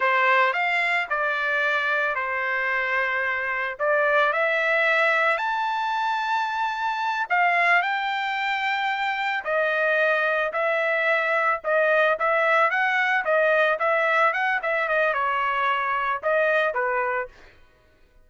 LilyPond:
\new Staff \with { instrumentName = "trumpet" } { \time 4/4 \tempo 4 = 111 c''4 f''4 d''2 | c''2. d''4 | e''2 a''2~ | a''4. f''4 g''4.~ |
g''4. dis''2 e''8~ | e''4. dis''4 e''4 fis''8~ | fis''8 dis''4 e''4 fis''8 e''8 dis''8 | cis''2 dis''4 b'4 | }